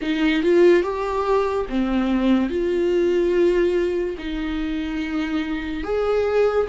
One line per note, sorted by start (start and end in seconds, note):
0.02 0.42 D#4
0.42 0.82 F4
0.82 1.66 G4
1.69 2.49 C4
2.49 4.16 F4
4.17 5.83 D#4
5.83 6.67 G#4